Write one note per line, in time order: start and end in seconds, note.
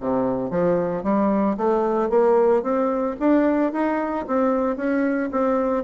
0.00 0.50 C3
0.50 1.03 F3
1.03 1.57 G3
1.57 2.09 A3
2.09 2.62 A#3
2.62 3.16 C4
3.19 3.72 D4
3.72 4.26 D#4
4.27 4.76 C4
4.76 5.30 C#4
5.31 5.84 C4